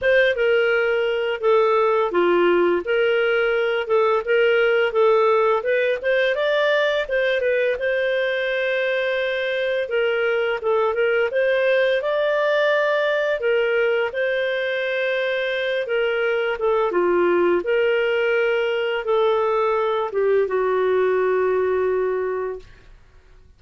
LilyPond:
\new Staff \with { instrumentName = "clarinet" } { \time 4/4 \tempo 4 = 85 c''8 ais'4. a'4 f'4 | ais'4. a'8 ais'4 a'4 | b'8 c''8 d''4 c''8 b'8 c''4~ | c''2 ais'4 a'8 ais'8 |
c''4 d''2 ais'4 | c''2~ c''8 ais'4 a'8 | f'4 ais'2 a'4~ | a'8 g'8 fis'2. | }